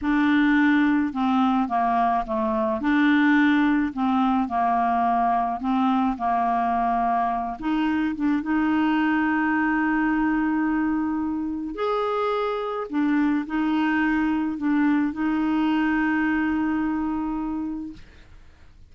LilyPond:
\new Staff \with { instrumentName = "clarinet" } { \time 4/4 \tempo 4 = 107 d'2 c'4 ais4 | a4 d'2 c'4 | ais2 c'4 ais4~ | ais4. dis'4 d'8 dis'4~ |
dis'1~ | dis'4 gis'2 d'4 | dis'2 d'4 dis'4~ | dis'1 | }